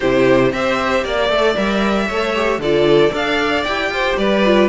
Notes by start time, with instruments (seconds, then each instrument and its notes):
0.00 cello C3, viola E4, violin G4 C5
0.52 cello C4, viola G4, violin C5 E5
1.03 cello A#3, violin D5
1.29 cello A3, viola A4
1.55 cello G3, viola A#4, violin E5
2.07 cello A3, viola A4, violin C#5
2.34 viola G4
2.58 cello D3, viola F4, violin A4 D5
3.11 cello D4, viola A4, violin D5 F5
3.63 cello E4, viola G4, violin G5
3.90 cello F4, violin C5
4.17 cello G3, violin B4 D5
4.44 viola F4